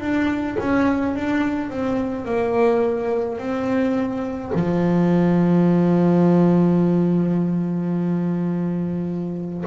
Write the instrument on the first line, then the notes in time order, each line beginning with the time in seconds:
double bass
0.00 D4
0.59 C#4
1.15 D4
1.69 C4
2.25 A#3
3.38 C4
4.54 F3